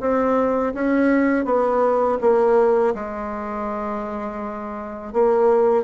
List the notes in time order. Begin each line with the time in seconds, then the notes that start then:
0.00 C4
0.74 C#4
1.45 B3
2.21 A#3
2.95 G#3
5.13 A#3